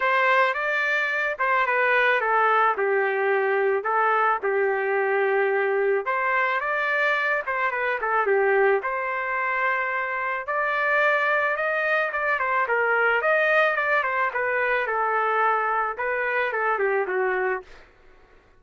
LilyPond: \new Staff \with { instrumentName = "trumpet" } { \time 4/4 \tempo 4 = 109 c''4 d''4. c''8 b'4 | a'4 g'2 a'4 | g'2. c''4 | d''4. c''8 b'8 a'8 g'4 |
c''2. d''4~ | d''4 dis''4 d''8 c''8 ais'4 | dis''4 d''8 c''8 b'4 a'4~ | a'4 b'4 a'8 g'8 fis'4 | }